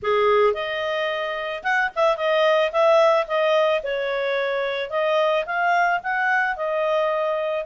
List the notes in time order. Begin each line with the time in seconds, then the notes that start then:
0.02 G#4
0.53 D#5
1.63 F#5
1.95 E5
2.16 D#5
2.71 E5
3.27 D#5
3.83 C#5
4.90 D#5
5.45 F5
6.03 F#5
6.56 D#5